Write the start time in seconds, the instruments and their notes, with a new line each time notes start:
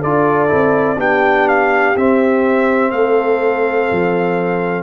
0.00 tuba D4, trombone F4, horn A4, trumpet D5
0.49 tuba C4, trombone E4
0.98 tuba B3, trombone D4, horn G4, trumpet G5
1.49 trumpet F5
1.96 tuba C4, trombone C4, trumpet E5
2.91 tuba A3, horn A4, trumpet F5
3.92 tuba F3